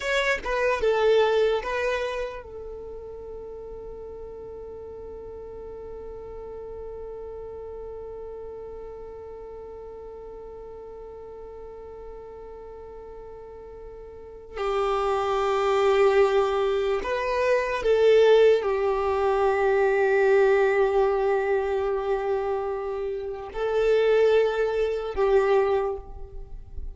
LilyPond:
\new Staff \with { instrumentName = "violin" } { \time 4/4 \tempo 4 = 74 cis''8 b'8 a'4 b'4 a'4~ | a'1~ | a'1~ | a'1~ |
a'2 g'2~ | g'4 b'4 a'4 g'4~ | g'1~ | g'4 a'2 g'4 | }